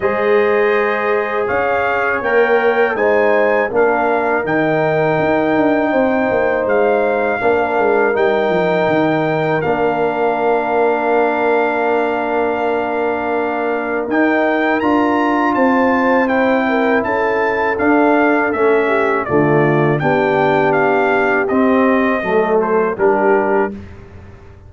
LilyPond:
<<
  \new Staff \with { instrumentName = "trumpet" } { \time 4/4 \tempo 4 = 81 dis''2 f''4 g''4 | gis''4 f''4 g''2~ | g''4 f''2 g''4~ | g''4 f''2.~ |
f''2. g''4 | ais''4 a''4 g''4 a''4 | f''4 e''4 d''4 g''4 | f''4 dis''4. c''8 ais'4 | }
  \new Staff \with { instrumentName = "horn" } { \time 4/4 c''2 cis''2 | c''4 ais'2. | c''2 ais'2~ | ais'1~ |
ais'1~ | ais'4 c''4. ais'8 a'4~ | a'4. g'8 f'4 g'4~ | g'2 a'4 g'4 | }
  \new Staff \with { instrumentName = "trombone" } { \time 4/4 gis'2. ais'4 | dis'4 d'4 dis'2~ | dis'2 d'4 dis'4~ | dis'4 d'2.~ |
d'2. dis'4 | f'2 e'2 | d'4 cis'4 a4 d'4~ | d'4 c'4 a4 d'4 | }
  \new Staff \with { instrumentName = "tuba" } { \time 4/4 gis2 cis'4 ais4 | gis4 ais4 dis4 dis'8 d'8 | c'8 ais8 gis4 ais8 gis8 g8 f8 | dis4 ais2.~ |
ais2. dis'4 | d'4 c'2 cis'4 | d'4 a4 d4 b4~ | b4 c'4 fis4 g4 | }
>>